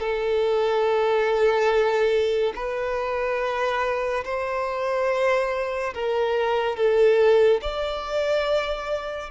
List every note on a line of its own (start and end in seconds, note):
0.00 2.54 A4
2.56 4.25 B4
4.25 5.94 C5
5.95 6.77 A#4
6.77 7.61 A4
7.62 9.31 D5